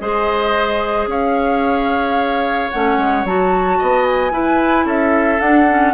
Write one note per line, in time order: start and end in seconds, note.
0.00 1.07 G#3
0.00 2.70 G#4
0.00 1.09 C5
0.00 1.08 D#5
1.07 2.69 C#4
1.07 3.78 C#5
1.07 2.71 F5
2.71 2.97 A3
2.71 3.26 C#4
2.71 3.25 F#5
2.97 3.24 G#3
3.24 3.78 F#3
3.24 4.31 F#4
3.24 4.06 A5
3.78 4.31 B3
3.78 4.32 D#5
4.06 4.87 G#5
4.31 5.39 E4
4.31 4.85 E4
4.31 4.85 B4
4.85 5.39 C#4
4.85 5.93 A4
4.85 5.40 E5
5.40 5.94 D4
5.40 5.67 D4
5.40 5.94 F#5
5.69 5.94 C#4